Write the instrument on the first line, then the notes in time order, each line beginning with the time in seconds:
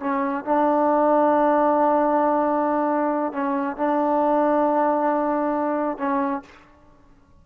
trombone
0.00 C#4
0.45 D4
3.33 C#4
3.77 D4
5.98 C#4